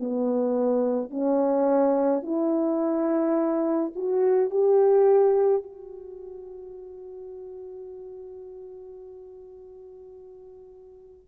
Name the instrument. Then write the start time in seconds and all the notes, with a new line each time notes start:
horn
0.00 B3
1.10 C#4
2.22 E4
3.95 F#4
4.50 G4
5.63 F#4